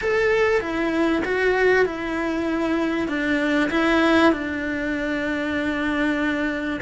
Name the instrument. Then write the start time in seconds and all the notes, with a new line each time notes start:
cello
0.01 A4
0.60 E4
1.25 F#4
1.85 E4
3.08 D4
3.70 E4
4.32 D4